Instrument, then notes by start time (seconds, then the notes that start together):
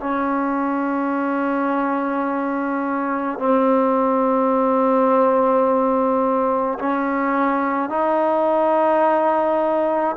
trombone
0.00 C#4
3.39 C4
6.79 C#4
7.89 D#4